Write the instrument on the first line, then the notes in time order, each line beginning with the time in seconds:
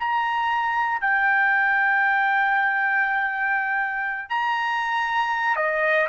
trumpet
0.00 A#5
1.01 G5
4.30 A#5
5.57 D#5